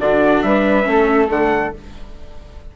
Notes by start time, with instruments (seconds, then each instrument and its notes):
0.00 bassoon D3, viola D4, flute F#4, trumpet D5
0.43 bassoon G3, flute B4, trumpet E5
0.83 bassoon A3, viola C#4
0.90 flute A4
1.29 bassoon D3, viola A3, trumpet F#5